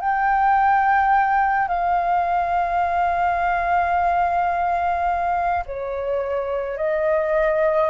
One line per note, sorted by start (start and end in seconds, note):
0.00 1.68 G5
1.68 5.64 F5
5.66 6.77 C#5
6.77 7.90 D#5